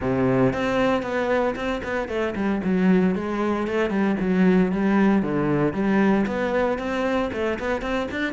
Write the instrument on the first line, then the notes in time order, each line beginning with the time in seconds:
cello
0.00 C3
0.53 C4
1.02 B3
1.55 C4
1.83 B3
2.08 A3
2.35 G3
2.64 F#3
3.15 G#3
3.67 A3
3.90 G3
4.20 F#3
4.72 G3
5.22 D3
5.73 G3
6.26 B3
6.78 C4
7.32 A3
7.59 B3
7.81 C4
8.11 D4